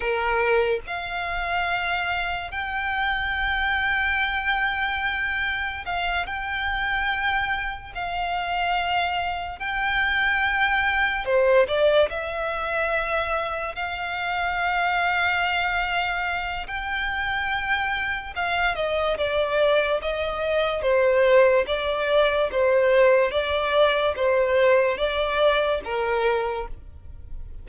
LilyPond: \new Staff \with { instrumentName = "violin" } { \time 4/4 \tempo 4 = 72 ais'4 f''2 g''4~ | g''2. f''8 g''8~ | g''4. f''2 g''8~ | g''4. c''8 d''8 e''4.~ |
e''8 f''2.~ f''8 | g''2 f''8 dis''8 d''4 | dis''4 c''4 d''4 c''4 | d''4 c''4 d''4 ais'4 | }